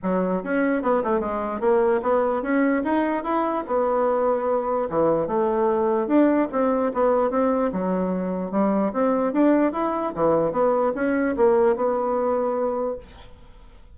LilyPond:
\new Staff \with { instrumentName = "bassoon" } { \time 4/4 \tempo 4 = 148 fis4 cis'4 b8 a8 gis4 | ais4 b4 cis'4 dis'4 | e'4 b2. | e4 a2 d'4 |
c'4 b4 c'4 fis4~ | fis4 g4 c'4 d'4 | e'4 e4 b4 cis'4 | ais4 b2. | }